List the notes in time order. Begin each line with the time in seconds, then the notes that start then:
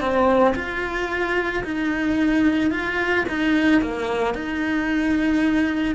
0.00 C4
0.55 F4
1.64 D#4
2.71 F4
3.29 D#4
3.81 A#3
4.34 D#4